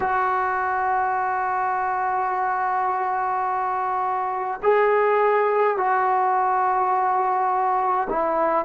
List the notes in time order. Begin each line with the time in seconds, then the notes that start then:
0.00 F#4
4.63 G#4
5.77 F#4
8.09 E4